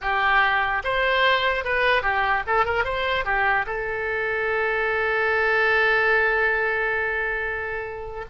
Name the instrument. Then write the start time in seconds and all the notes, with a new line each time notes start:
oboe
0.01 G4
0.84 C5
1.64 B4
2.02 G4
2.47 A4
2.65 A#4
2.84 C5
3.24 G4
3.66 A4